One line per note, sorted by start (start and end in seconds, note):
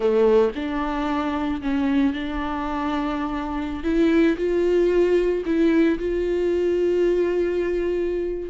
0.00 0.51 A3
0.55 1.61 D4
1.61 2.13 C#4
2.13 3.83 D4
3.83 4.36 E4
4.37 5.43 F4
5.45 5.98 E4
5.99 8.50 F4